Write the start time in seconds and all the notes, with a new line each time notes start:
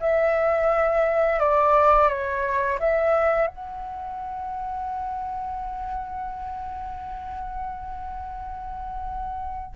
0.00 E5
1.39 D5
2.09 C#5
2.80 E5
3.47 F#5